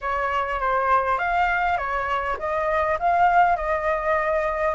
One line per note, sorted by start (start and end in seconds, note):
0.01 0.60 C#5
0.60 1.18 C5
1.18 1.77 F5
1.77 2.37 C#5
2.38 2.98 D#5
2.99 3.56 F5
3.56 4.74 D#5